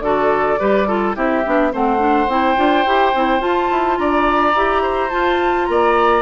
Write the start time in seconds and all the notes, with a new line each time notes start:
0.00 D3 F#4 A4 D5
0.58 G3 G4 B4
0.87 F4 A4
1.15 C4 E4 G4 E5
1.45 B3 D4
1.72 A3 C4 C5 F#5
1.98 D4
2.28 C4 E4 G5
2.56 D4 F4
2.85 E4 G4
3.14 C4 E4
3.40 F4 A5
3.71 E4
3.98 D4 D5 A#5
4.55 E4 G4
4.82 C5
5.10 F4 A5
5.65 A#3 D5 A#5